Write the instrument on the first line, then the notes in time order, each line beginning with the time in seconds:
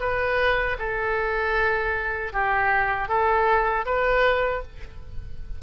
oboe
0.00 B4
0.79 A4
2.33 G4
3.08 A4
3.86 B4